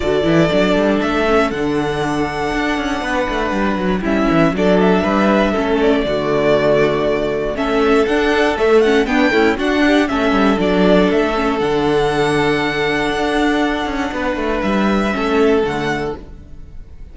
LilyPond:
<<
  \new Staff \with { instrumentName = "violin" } { \time 4/4 \tempo 4 = 119 d''2 e''4 fis''4~ | fis''1 | e''4 d''8 e''2 d''8~ | d''2. e''4 |
fis''4 e''8 fis''8 g''4 fis''4 | e''4 d''4 e''4 fis''4~ | fis''1~ | fis''4 e''2 fis''4 | }
  \new Staff \with { instrumentName = "violin" } { \time 4/4 a'1~ | a'2 b'2 | e'4 a'4 b'4 a'4 | fis'2. a'4~ |
a'2 d'8 e'8 fis'8 g'8 | a'1~ | a'1 | b'2 a'2 | }
  \new Staff \with { instrumentName = "viola" } { \time 4/4 fis'8 e'8 d'4. cis'8 d'4~ | d'1 | cis'4 d'2 cis'4 | a2. cis'4 |
d'4 a8 cis'8 b8 a8 d'4 | cis'4 d'4. cis'8 d'4~ | d'1~ | d'2 cis'4 a4 | }
  \new Staff \with { instrumentName = "cello" } { \time 4/4 d8 e8 fis8 g8 a4 d4~ | d4 d'8 cis'8 b8 a8 g8 fis8 | g8 e8 fis4 g4 a4 | d2. a4 |
d'4 a4 b8 cis'8 d'4 | a8 g8 fis4 a4 d4~ | d2 d'4. cis'8 | b8 a8 g4 a4 d4 | }
>>